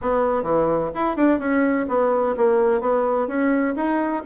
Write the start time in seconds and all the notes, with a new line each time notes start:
0.01 B3
0.43 E3
0.94 E4
1.16 D4
1.39 C#4
1.88 B3
2.37 A#3
2.80 B3
3.27 C#4
3.76 D#4